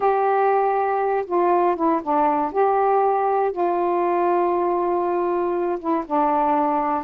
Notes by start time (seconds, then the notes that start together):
0.00 G4
1.25 F4
1.76 E4
2.02 D4
2.52 G4
3.52 F4
5.79 E4
6.06 D4